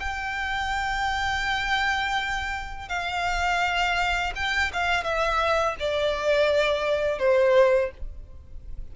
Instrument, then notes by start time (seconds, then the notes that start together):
violin
0.00 G5
2.89 F5
4.35 G5
4.73 F5
5.04 E5
5.80 D5
7.19 C5